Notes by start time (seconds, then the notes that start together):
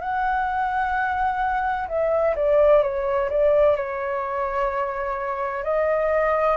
0.00 F#5
1.88 E5
2.36 D5
2.82 C#5
3.29 D5
3.76 C#5
5.63 D#5